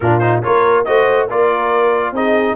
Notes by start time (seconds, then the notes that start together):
0.00 A#2 D4 F4 A#4
0.19 D#4 C5
0.42 A#3 F4 A#4 C#5
0.85 A3 F#4 C5 D#5
1.27 A#3 F4 A#4 D5
2.12 C4 D#4 G#4 D#5